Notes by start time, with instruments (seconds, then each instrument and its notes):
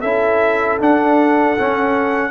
0.00 tuba C#4, trombone E4, horn A4, trumpet E5
0.80 trombone D4, tuba D4, trumpet F#5
1.58 trombone C#4, tuba C#4